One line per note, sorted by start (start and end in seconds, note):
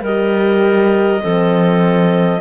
0.00 1.20 G3
0.00 1.21 G4
0.00 1.22 A#4
0.00 2.41 D#5
1.21 2.41 F3
1.21 2.41 C4
1.21 2.41 A4